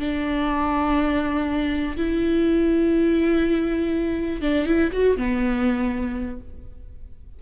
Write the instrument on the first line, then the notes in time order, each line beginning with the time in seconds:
viola
0.00 D4
1.97 E4
4.42 D4
4.66 E4
4.93 F#4
5.18 B3